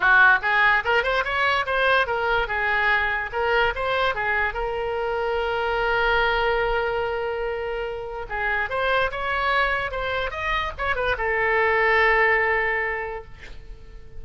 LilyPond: \new Staff \with { instrumentName = "oboe" } { \time 4/4 \tempo 4 = 145 fis'4 gis'4 ais'8 c''8 cis''4 | c''4 ais'4 gis'2 | ais'4 c''4 gis'4 ais'4~ | ais'1~ |
ais'1 | gis'4 c''4 cis''2 | c''4 dis''4 cis''8 b'8 a'4~ | a'1 | }